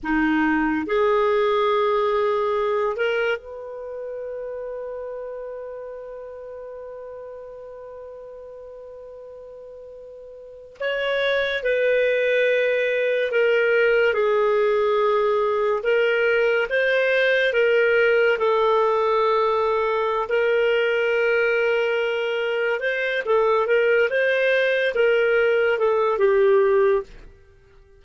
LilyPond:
\new Staff \with { instrumentName = "clarinet" } { \time 4/4 \tempo 4 = 71 dis'4 gis'2~ gis'8 ais'8 | b'1~ | b'1~ | b'8. cis''4 b'2 ais'16~ |
ais'8. gis'2 ais'4 c''16~ | c''8. ais'4 a'2~ a'16 | ais'2. c''8 a'8 | ais'8 c''4 ais'4 a'8 g'4 | }